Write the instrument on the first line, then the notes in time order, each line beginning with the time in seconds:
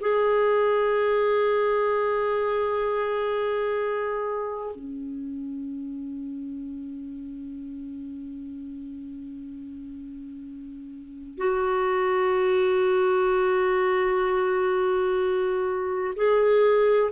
clarinet
0.00 G#4
4.75 C#4
11.37 F#4
16.16 G#4